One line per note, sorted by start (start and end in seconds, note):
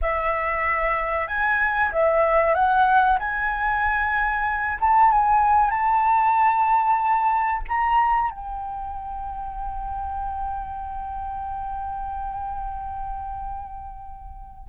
0.01 1.27 E5
1.27 1.91 G#5
1.91 2.54 E5
2.54 3.18 F#5
3.19 4.78 G#5
4.80 5.11 A5
5.11 5.70 G#5
5.70 7.61 A5
7.68 8.30 A#5
8.30 14.68 G5